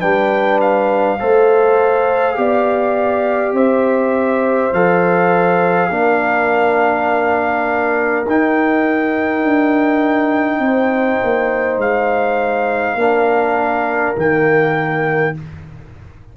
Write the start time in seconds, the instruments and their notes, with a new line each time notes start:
0.00 tuba G3, trombone D4, horn B4, trumpet G5
0.61 trumpet F5
1.19 tuba A3, trombone A4, horn C5
2.36 tuba B3, trombone G4, horn D5
3.53 tuba C4, horn C5, trumpet E5
4.73 tuba F3, trombone A4, trumpet F5
5.90 tuba A#3, trombone D4, horn A#4
8.26 tuba D#4, trombone D#4, trumpet G5
9.43 tuba D4
10.59 tuba C4, horn C5
11.24 tuba A#3
11.77 tuba G#3, trumpet F5
12.95 tuba A#3, trombone D4, horn A#4
14.16 tuba D#3, trombone A#3, trumpet G5